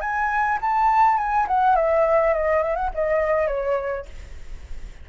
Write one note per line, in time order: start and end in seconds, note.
0.00 0.58 G#5
0.61 1.17 A5
1.17 1.46 G#5
1.47 1.75 F#5
1.75 2.33 E5
2.33 2.62 D#5
2.62 2.75 E5
2.75 2.90 F#5
2.94 3.47 D#5
3.47 4.05 C#5